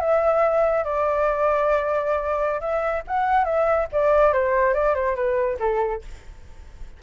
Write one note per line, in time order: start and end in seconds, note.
0.00 0.84 E5
0.84 2.60 D5
2.60 3.03 E5
3.07 3.45 F#5
3.45 3.87 E5
3.92 4.33 D5
4.33 4.74 C5
4.74 4.95 D5
4.95 5.15 C5
5.15 5.58 B4
5.59 6.02 A4